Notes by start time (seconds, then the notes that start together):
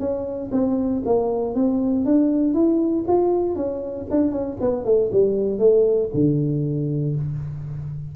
0.00 C#4
0.52 C4
1.06 A#3
1.55 C4
2.05 D4
2.54 E4
3.08 F4
3.56 C#4
4.10 D4
4.32 C#4
4.61 B3
4.85 A3
5.12 G3
5.59 A3
6.14 D3